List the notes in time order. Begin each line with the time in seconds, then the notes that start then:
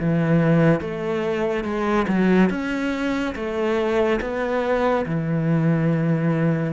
0.00 E3
0.81 A3
1.64 G#3
2.08 F#3
2.50 C#4
3.36 A3
4.21 B3
5.06 E3